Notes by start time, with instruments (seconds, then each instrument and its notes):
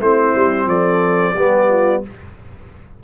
0.00 tuba A3, trombone C4, horn E4, trumpet C5
0.35 tuba G3
0.66 tuba F3, horn A4, trumpet D5
1.34 tuba G3, trombone B3, horn G4
1.69 horn F4